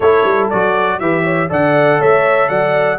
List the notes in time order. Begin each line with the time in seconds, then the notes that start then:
0.00 A3 E4 A4 C#5
0.24 G3
0.50 F#3 F#4 D5
0.99 E3 G4 B4 E5
1.23 C#5
1.49 D3 A4 D5 F#5
1.99 A3 C#5 E5
2.48 F#3 D5 F#5